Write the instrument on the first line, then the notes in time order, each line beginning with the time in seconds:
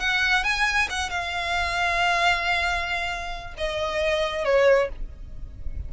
violin
0.00 F#5
0.44 G#5
0.90 F#5
1.10 F5
3.58 D#5
4.45 C#5